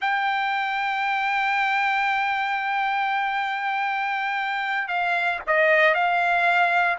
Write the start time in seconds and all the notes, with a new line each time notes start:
0.01 G5
4.88 F5
5.46 D#5
5.94 F5